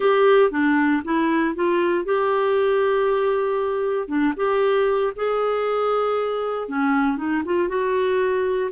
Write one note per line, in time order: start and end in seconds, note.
0.00 0.51 G4
0.51 1.02 D4
1.04 1.55 E4
1.55 2.04 F4
2.04 4.08 G4
4.08 4.33 D4
4.36 5.13 G4
5.16 6.68 G#4
6.68 7.17 C#4
7.17 7.42 D#4
7.45 7.68 F4
7.68 8.70 F#4